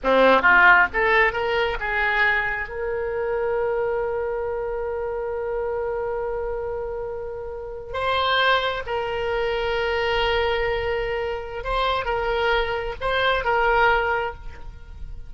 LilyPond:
\new Staff \with { instrumentName = "oboe" } { \time 4/4 \tempo 4 = 134 c'4 f'4 a'4 ais'4 | gis'2 ais'2~ | ais'1~ | ais'1~ |
ais'4.~ ais'16 c''2 ais'16~ | ais'1~ | ais'2 c''4 ais'4~ | ais'4 c''4 ais'2 | }